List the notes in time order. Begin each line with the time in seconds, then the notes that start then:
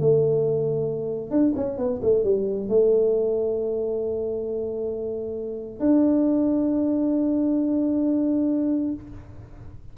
0.00 A3
1.31 D4
1.56 C#4
1.78 B3
2.03 A3
2.24 G3
2.69 A3
5.80 D4